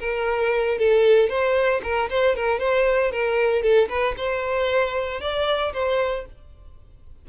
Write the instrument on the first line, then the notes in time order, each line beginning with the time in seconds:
violin
0.00 A#4
0.78 A4
1.29 C5
1.83 A#4
2.10 C5
2.36 A#4
2.59 C5
3.12 A#4
3.62 A4
3.89 B4
4.17 C5
5.21 D5
5.73 C5